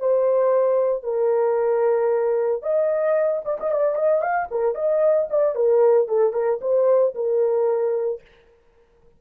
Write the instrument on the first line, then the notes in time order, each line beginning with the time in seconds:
horn
0.00 C5
1.03 A#4
2.63 D#5
3.45 D5
3.60 D#5
3.71 D5
3.96 D#5
4.22 F5
4.51 A#4
4.75 D#5
5.30 D5
5.55 A#4
6.08 A4
6.33 A#4
6.62 C5
7.15 A#4